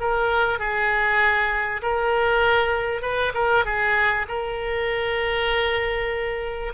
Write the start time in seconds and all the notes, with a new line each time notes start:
0.00 A#4
0.59 G#4
1.82 A#4
3.02 B4
3.34 A#4
3.65 G#4
4.28 A#4